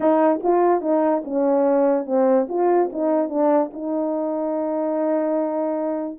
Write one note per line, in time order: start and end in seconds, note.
0.00 0.41 D#4
0.43 0.81 F4
0.81 1.22 D#4
1.24 2.05 C#4
2.05 2.47 C4
2.48 2.90 F4
2.92 3.29 D#4
3.29 3.70 D4
3.73 6.19 D#4